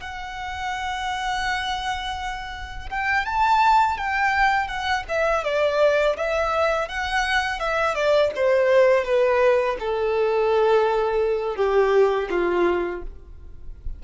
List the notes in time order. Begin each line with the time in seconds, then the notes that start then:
0.00 F#5
2.89 G5
3.25 A5
3.97 G5
4.67 F#5
5.08 E5
5.44 D5
6.16 E5
6.88 F#5
7.59 E5
7.95 D5
8.35 C5
9.04 B4
9.79 A4
11.56 G4
12.30 F4